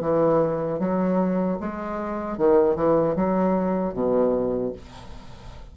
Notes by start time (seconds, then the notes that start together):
0.00 E3
0.79 F#3
1.60 G#3
2.38 D#3
2.75 E3
3.15 F#3
3.93 B2